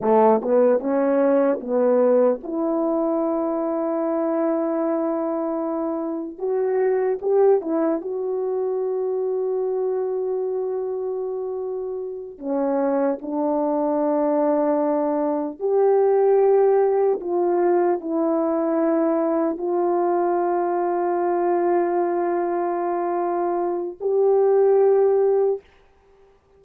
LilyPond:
\new Staff \with { instrumentName = "horn" } { \time 4/4 \tempo 4 = 75 a8 b8 cis'4 b4 e'4~ | e'1 | fis'4 g'8 e'8 fis'2~ | fis'2.~ fis'8 cis'8~ |
cis'8 d'2. g'8~ | g'4. f'4 e'4.~ | e'8 f'2.~ f'8~ | f'2 g'2 | }